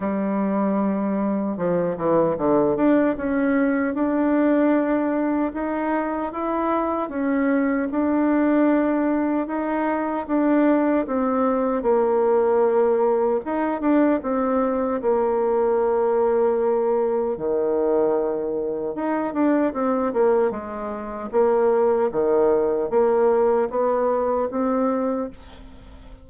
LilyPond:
\new Staff \with { instrumentName = "bassoon" } { \time 4/4 \tempo 4 = 76 g2 f8 e8 d8 d'8 | cis'4 d'2 dis'4 | e'4 cis'4 d'2 | dis'4 d'4 c'4 ais4~ |
ais4 dis'8 d'8 c'4 ais4~ | ais2 dis2 | dis'8 d'8 c'8 ais8 gis4 ais4 | dis4 ais4 b4 c'4 | }